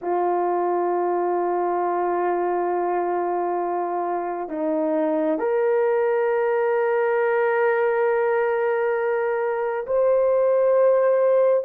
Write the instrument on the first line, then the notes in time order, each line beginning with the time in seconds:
horn
0.01 F4
4.48 D#4
5.38 A#4
9.86 C5